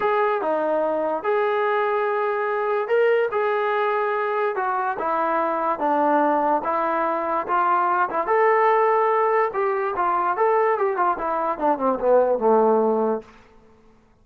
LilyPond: \new Staff \with { instrumentName = "trombone" } { \time 4/4 \tempo 4 = 145 gis'4 dis'2 gis'4~ | gis'2. ais'4 | gis'2. fis'4 | e'2 d'2 |
e'2 f'4. e'8 | a'2. g'4 | f'4 a'4 g'8 f'8 e'4 | d'8 c'8 b4 a2 | }